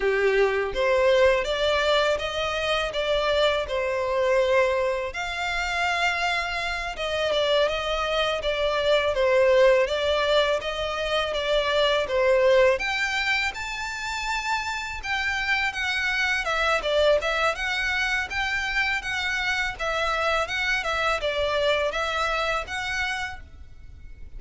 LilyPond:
\new Staff \with { instrumentName = "violin" } { \time 4/4 \tempo 4 = 82 g'4 c''4 d''4 dis''4 | d''4 c''2 f''4~ | f''4. dis''8 d''8 dis''4 d''8~ | d''8 c''4 d''4 dis''4 d''8~ |
d''8 c''4 g''4 a''4.~ | a''8 g''4 fis''4 e''8 d''8 e''8 | fis''4 g''4 fis''4 e''4 | fis''8 e''8 d''4 e''4 fis''4 | }